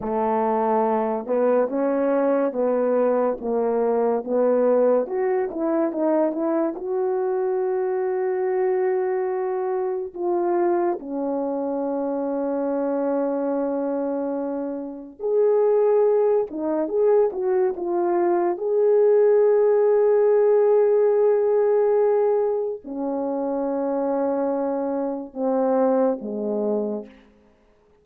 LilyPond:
\new Staff \with { instrumentName = "horn" } { \time 4/4 \tempo 4 = 71 a4. b8 cis'4 b4 | ais4 b4 fis'8 e'8 dis'8 e'8 | fis'1 | f'4 cis'2.~ |
cis'2 gis'4. dis'8 | gis'8 fis'8 f'4 gis'2~ | gis'2. cis'4~ | cis'2 c'4 gis4 | }